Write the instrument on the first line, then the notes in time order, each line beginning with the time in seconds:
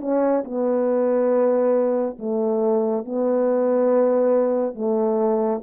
horn
0.00 C#4
0.44 B3
2.19 A3
3.05 B3
4.75 A3